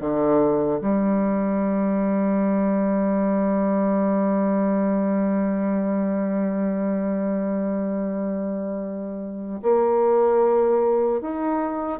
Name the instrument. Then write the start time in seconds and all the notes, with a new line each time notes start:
bassoon
0.00 D3
0.80 G3
9.62 A#3
11.21 D#4